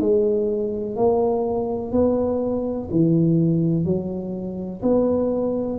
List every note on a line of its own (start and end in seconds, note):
0.00 0.96 G#3
0.96 1.92 A#3
1.92 2.89 B3
2.91 3.85 E3
3.85 4.82 F#3
4.83 5.79 B3